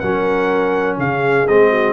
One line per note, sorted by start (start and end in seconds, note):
0.00 0.98 F#3
0.00 1.48 C#4
0.00 0.98 A#4
0.00 0.97 F#5
0.98 1.46 C#3
0.98 1.71 G#4
0.98 1.48 F5
1.48 1.93 G#3
1.48 1.93 C4
1.48 1.93 D#5
1.71 1.93 F#4